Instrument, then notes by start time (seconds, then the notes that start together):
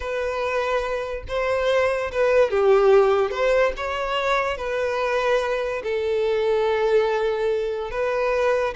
violin
0.00 B4
1.28 C5
2.11 B4
2.50 G4
3.30 C5
3.76 C#5
4.57 B4
5.83 A4
7.91 B4